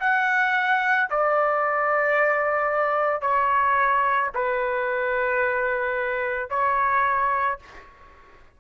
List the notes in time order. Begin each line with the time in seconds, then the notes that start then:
0.00 F#5
1.10 D5
3.21 C#5
4.34 B4
6.50 C#5